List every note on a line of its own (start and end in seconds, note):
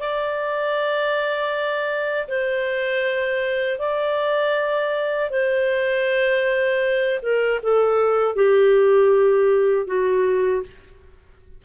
0.00 2.28 D5
2.29 3.79 C5
3.79 5.31 D5
5.31 7.20 C5
7.23 7.61 A#4
7.63 8.36 A4
8.36 9.87 G4
9.87 10.63 F#4